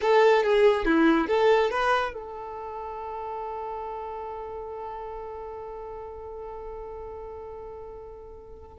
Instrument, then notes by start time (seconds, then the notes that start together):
violin
0.01 A4
0.43 G#4
0.85 E4
1.27 A4
1.70 B4
2.13 A4